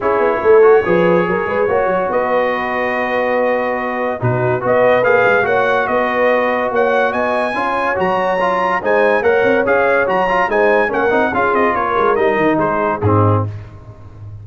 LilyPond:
<<
  \new Staff \with { instrumentName = "trumpet" } { \time 4/4 \tempo 4 = 143 cis''1~ | cis''4 dis''2.~ | dis''2 b'4 dis''4 | f''4 fis''4 dis''2 |
fis''4 gis''2 ais''4~ | ais''4 gis''4 fis''4 f''4 | ais''4 gis''4 fis''4 f''8 dis''8 | cis''4 dis''4 c''4 gis'4 | }
  \new Staff \with { instrumentName = "horn" } { \time 4/4 gis'4 a'4 b'4 ais'8 b'8 | cis''4 b'2.~ | b'2 fis'4 b'4~ | b'4 cis''4 b'2 |
cis''4 dis''4 cis''2~ | cis''4 c''4 cis''2~ | cis''4 c''4 ais'4 gis'4 | ais'2 gis'4 dis'4 | }
  \new Staff \with { instrumentName = "trombone" } { \time 4/4 e'4. fis'8 gis'2 | fis'1~ | fis'2 dis'4 fis'4 | gis'4 fis'2.~ |
fis'2 f'4 fis'4 | f'4 dis'4 ais'4 gis'4 | fis'8 f'8 dis'4 cis'8 dis'8 f'4~ | f'4 dis'2 c'4 | }
  \new Staff \with { instrumentName = "tuba" } { \time 4/4 cis'8 b8 a4 f4 fis8 gis8 | ais8 fis8 b2.~ | b2 b,4 b4 | ais8 gis8 ais4 b2 |
ais4 b4 cis'4 fis4~ | fis4 gis4 ais8 c'8 cis'4 | fis4 gis4 ais8 c'8 cis'8 c'8 | ais8 gis8 g8 dis8 gis4 gis,4 | }
>>